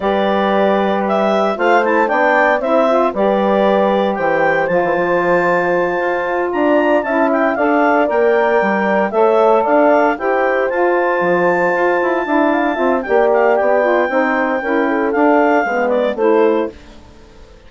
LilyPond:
<<
  \new Staff \with { instrumentName = "clarinet" } { \time 4/4 \tempo 4 = 115 d''2 e''4 f''8 a''8 | g''4 e''4 d''2 | g''4 a''2.~ | a''8 ais''4 a''8 g''8 f''4 g''8~ |
g''4. e''4 f''4 g''8~ | g''8 a''2.~ a''8~ | a''4 g''8 f''8 g''2~ | g''4 f''4. d''8 c''4 | }
  \new Staff \with { instrumentName = "horn" } { \time 4/4 b'2. c''4 | d''4 c''4 b'2 | c''1~ | c''8 d''4 e''4 d''4.~ |
d''4. cis''4 d''4 c''8~ | c''2.~ c''8 e''8 | f''8 e''8 d''2 c''4 | ais'8 a'4. b'4 a'4 | }
  \new Staff \with { instrumentName = "saxophone" } { \time 4/4 g'2. f'8 e'8 | d'4 e'8 f'8 g'2~ | g'4 f'2.~ | f'4. e'4 a'4 ais'8~ |
ais'4. a'2 g'8~ | g'8 f'2. e'8~ | e'8 f'8 g'4. f'8 dis'4 | e'4 d'4 b4 e'4 | }
  \new Staff \with { instrumentName = "bassoon" } { \time 4/4 g2. a4 | b4 c'4 g2 | e4 f16 e16 f2 f'8~ | f'8 d'4 cis'4 d'4 ais8~ |
ais8 g4 a4 d'4 e'8~ | e'8 f'4 f4 f'8 e'8 d'8~ | d'8 c'8 ais4 b4 c'4 | cis'4 d'4 gis4 a4 | }
>>